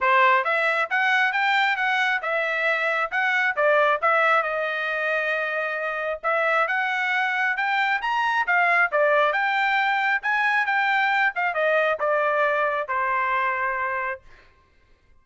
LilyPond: \new Staff \with { instrumentName = "trumpet" } { \time 4/4 \tempo 4 = 135 c''4 e''4 fis''4 g''4 | fis''4 e''2 fis''4 | d''4 e''4 dis''2~ | dis''2 e''4 fis''4~ |
fis''4 g''4 ais''4 f''4 | d''4 g''2 gis''4 | g''4. f''8 dis''4 d''4~ | d''4 c''2. | }